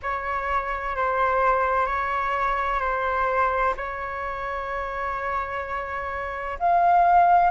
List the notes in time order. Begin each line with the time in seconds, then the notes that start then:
0.02 C#5
0.95 C5
1.86 C#5
2.80 C5
3.77 C#5
6.59 F5